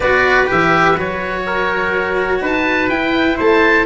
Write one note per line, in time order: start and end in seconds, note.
0.00 0.48 B3
0.00 0.46 F#4
0.00 1.44 B4
0.00 0.48 D5
0.46 0.97 E3
0.46 0.95 G4
0.46 0.99 E5
0.97 2.41 F#3
0.97 2.90 F#4
0.97 2.44 C#5
1.46 2.41 A#4
2.41 2.89 D#4
2.41 3.37 B4
2.41 2.89 A5
2.89 3.37 E4
2.89 3.86 E4
2.89 3.37 G5
3.37 3.86 A3
3.37 3.85 C5
3.37 3.86 A5